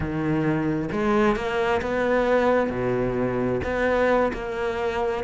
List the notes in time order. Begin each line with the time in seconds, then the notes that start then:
0.00 D#3
0.92 G#3
1.35 A#3
1.81 B3
2.70 B2
3.63 B3
4.33 A#3